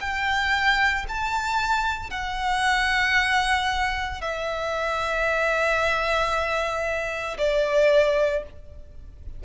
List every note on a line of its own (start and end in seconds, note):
0.00 1.05 G5
1.08 2.11 A5
2.11 4.21 F#5
4.21 7.37 E5
7.38 8.43 D5